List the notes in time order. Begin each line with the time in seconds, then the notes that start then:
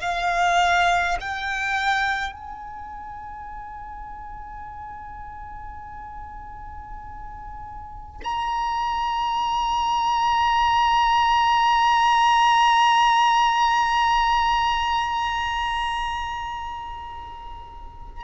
0.00 F5
1.21 G5
2.33 G#5
8.24 A#5